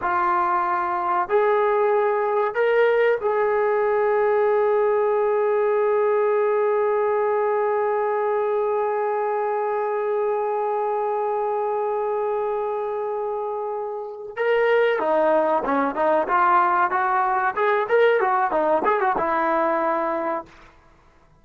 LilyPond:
\new Staff \with { instrumentName = "trombone" } { \time 4/4 \tempo 4 = 94 f'2 gis'2 | ais'4 gis'2.~ | gis'1~ | gis'1~ |
gis'1~ | gis'2~ gis'8 ais'4 dis'8~ | dis'8 cis'8 dis'8 f'4 fis'4 gis'8 | ais'8 fis'8 dis'8 gis'16 fis'16 e'2 | }